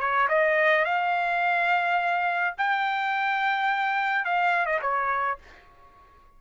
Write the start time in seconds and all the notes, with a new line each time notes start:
0.00 C#5
0.29 D#5
0.85 F5
2.58 G5
4.25 F5
4.66 D#5
4.82 C#5